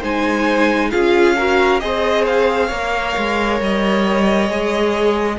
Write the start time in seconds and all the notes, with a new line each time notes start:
0.00 G#3 D#4 C5 G#5
0.91 C#4 F4 G#4 F5
1.36 F#4 A#4
1.80 C4 G#4 C5 D#5
2.26 F5
2.67 A#3 A#4 C#5
3.17 G#3
3.60 G3 D#5
4.49 G#3 G#4